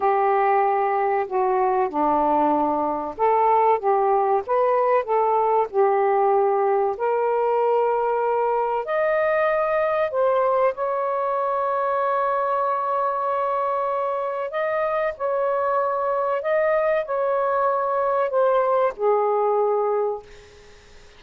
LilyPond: \new Staff \with { instrumentName = "saxophone" } { \time 4/4 \tempo 4 = 95 g'2 fis'4 d'4~ | d'4 a'4 g'4 b'4 | a'4 g'2 ais'4~ | ais'2 dis''2 |
c''4 cis''2.~ | cis''2. dis''4 | cis''2 dis''4 cis''4~ | cis''4 c''4 gis'2 | }